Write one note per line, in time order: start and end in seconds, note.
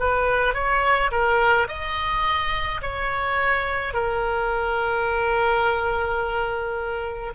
0.00 0.54 B4
0.54 1.11 C#5
1.11 1.68 A#4
1.68 2.81 D#5
2.82 3.94 C#5
3.94 7.33 A#4